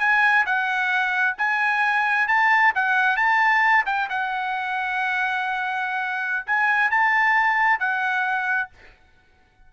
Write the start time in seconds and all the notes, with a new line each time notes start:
0.00 G#5
0.46 F#5
1.38 G#5
2.28 A5
2.75 F#5
3.17 A5
3.86 G5
4.09 F#5
6.47 G#5
6.91 A5
7.79 F#5